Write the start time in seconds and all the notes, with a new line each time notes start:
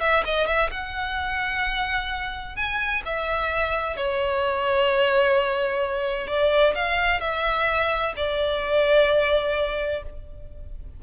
0.00 E5
0.25 D#5
0.47 E5
0.70 F#5
2.56 G#5
3.05 E5
3.96 C#5
6.27 D5
6.75 F5
7.20 E5
8.16 D5